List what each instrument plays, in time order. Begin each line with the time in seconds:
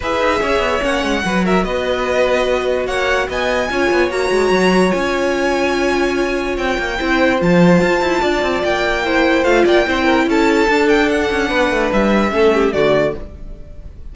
0.00 cello E4, viola G#4, violin B4 E5
0.20 cello D#4
0.40 cello C#4, violin C#5
0.59 cello B3
0.81 cello A#3, viola C#4, violin F#5
1.03 cello G#3
1.23 cello F#3, viola F#4, violin B4
1.44 violin A#4 E5
1.64 cello B3, violin B4 D#5
2.86 cello A#3, violin C#5 F#5
3.28 cello B3, violin D#5 G#5
3.70 cello C#4, viola F4, violin C#5
3.91 cello B3
4.09 cello A#3, viola F#4, violin A#5
4.30 cello G#3
4.51 cello F#3
4.90 cello C#4, viola F4, violin G#5
6.57 cello C4, violin G5
6.78 cello A#3
6.97 cello C4, viola E4, violin C5
7.38 cello F3, viola F4, violin A5
7.81 cello F4
8.01 cello E4
8.20 cello D4, violin D5
8.42 cello C4
8.63 cello A#3, violin G5
9.04 viola E4, violin C5
9.43 cello A3, viola F4, violin F5
9.64 cello A#3, violin D5 G5
9.86 cello C4, viola E4, violin C5
10.04 violin A#4
10.26 cello C#4, violin A4 A5
10.68 cello D4, viola D4
10.88 violin G5
11.09 violin F#5
11.31 cello C#4
11.48 cello B3, violin B4
11.69 cello A3
11.92 cello G3, violin E5
12.30 cello A3, viola C#4, violin A4
12.54 violin G4
12.72 cello D3, viola A3, violin F#4 D5